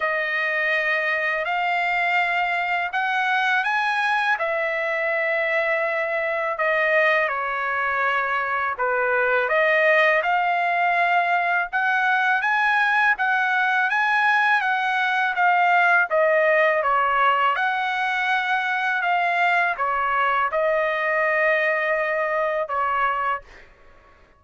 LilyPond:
\new Staff \with { instrumentName = "trumpet" } { \time 4/4 \tempo 4 = 82 dis''2 f''2 | fis''4 gis''4 e''2~ | e''4 dis''4 cis''2 | b'4 dis''4 f''2 |
fis''4 gis''4 fis''4 gis''4 | fis''4 f''4 dis''4 cis''4 | fis''2 f''4 cis''4 | dis''2. cis''4 | }